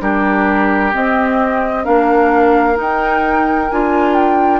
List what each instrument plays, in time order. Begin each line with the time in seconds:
0.00 bassoon G3, clarinet D4, oboe G4, flute A#4
0.92 clarinet C4, bassoon C4, flute D#5
1.83 bassoon A#3, clarinet D4, oboe A#4, flute F5
2.74 clarinet D#4, bassoon D#4
2.80 flute G5
3.70 bassoon D4, clarinet F4, flute G#5
4.14 flute G5